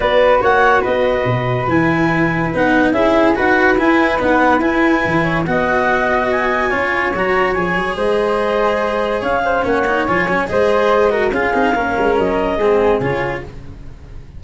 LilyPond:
<<
  \new Staff \with { instrumentName = "clarinet" } { \time 4/4 \tempo 4 = 143 d''4 fis''4 dis''2 | gis''2 fis''4 e''4 | fis''4 gis''4 fis''4 gis''4~ | gis''4 fis''2 gis''4~ |
gis''4 ais''4 gis''4 dis''4~ | dis''2 f''4 fis''4 | gis''4 dis''2 f''4~ | f''4 dis''2 cis''4 | }
  \new Staff \with { instrumentName = "flute" } { \time 4/4 b'4 cis''4 b'2~ | b'2. gis'4 | b'1~ | b'8 cis''8 dis''2. |
cis''2. c''4~ | c''2 cis''8 c''8 cis''4~ | cis''4 c''4. ais'8 gis'4 | ais'2 gis'2 | }
  \new Staff \with { instrumentName = "cello" } { \time 4/4 fis'1 | e'2 dis'4 e'4 | fis'4 e'4 b4 e'4~ | e'4 fis'2. |
f'4 fis'4 gis'2~ | gis'2. cis'8 dis'8 | f'8 cis'8 gis'4. fis'8 f'8 dis'8 | cis'2 c'4 f'4 | }
  \new Staff \with { instrumentName = "tuba" } { \time 4/4 b4 ais4 b4 b,4 | e2 b4 cis'4 | dis'4 e'4 dis'4 e'4 | e4 b2. |
cis'4 fis4 f8 fis8 gis4~ | gis2 cis'4 ais4 | f8 fis8 gis2 cis'8 c'8 | ais8 gis8 fis4 gis4 cis4 | }
>>